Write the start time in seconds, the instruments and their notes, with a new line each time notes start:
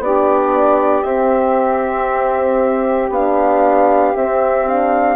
0.00 bassoon B3, horn D4, saxophone G4, flute D5
1.03 bassoon C4, horn C4, flute E5
3.10 bassoon B3, horn D4, flute F5
4.15 horn C4, bassoon C4, flute E5
4.67 horn D4, flute F5